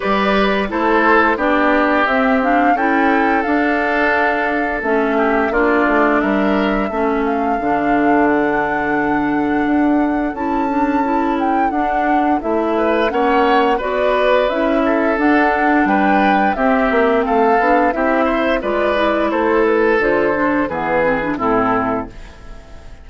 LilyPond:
<<
  \new Staff \with { instrumentName = "flute" } { \time 4/4 \tempo 4 = 87 d''4 c''4 d''4 e''8 f''8 | g''4 f''2 e''4 | d''4 e''4. f''4. | fis''2. a''4~ |
a''8 g''8 fis''4 e''4 fis''4 | d''4 e''4 fis''4 g''4 | e''4 f''4 e''4 d''4 | c''8 b'8 c''4 b'4 a'4 | }
  \new Staff \with { instrumentName = "oboe" } { \time 4/4 b'4 a'4 g'2 | a'2.~ a'8 g'8 | f'4 ais'4 a'2~ | a'1~ |
a'2~ a'8 b'8 cis''4 | b'4. a'4. b'4 | g'4 a'4 g'8 c''8 b'4 | a'2 gis'4 e'4 | }
  \new Staff \with { instrumentName = "clarinet" } { \time 4/4 g'4 e'4 d'4 c'8 d'8 | e'4 d'2 cis'4 | d'2 cis'4 d'4~ | d'2. e'8 d'8 |
e'4 d'4 e'4 cis'4 | fis'4 e'4 d'2 | c'4. d'8 e'4 f'8 e'8~ | e'4 f'8 d'8 b8 c'16 d'16 c'4 | }
  \new Staff \with { instrumentName = "bassoon" } { \time 4/4 g4 a4 b4 c'4 | cis'4 d'2 a4 | ais8 a8 g4 a4 d4~ | d2 d'4 cis'4~ |
cis'4 d'4 a4 ais4 | b4 cis'4 d'4 g4 | c'8 ais8 a8 b8 c'4 gis4 | a4 d4 e4 a,4 | }
>>